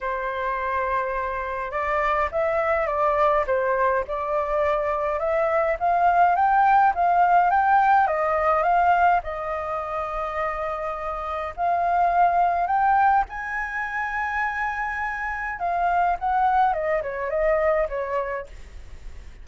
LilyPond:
\new Staff \with { instrumentName = "flute" } { \time 4/4 \tempo 4 = 104 c''2. d''4 | e''4 d''4 c''4 d''4~ | d''4 e''4 f''4 g''4 | f''4 g''4 dis''4 f''4 |
dis''1 | f''2 g''4 gis''4~ | gis''2. f''4 | fis''4 dis''8 cis''8 dis''4 cis''4 | }